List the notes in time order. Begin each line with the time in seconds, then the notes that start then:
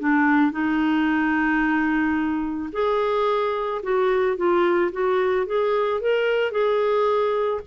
0.00 D4
0.52 D#4
2.73 G#4
3.83 F#4
4.37 F4
4.93 F#4
5.47 G#4
6.01 A#4
6.52 G#4